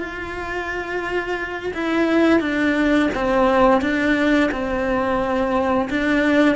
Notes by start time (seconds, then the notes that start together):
0.00 F4
1.74 E4
2.40 D4
3.15 C4
3.82 D4
4.51 C4
5.90 D4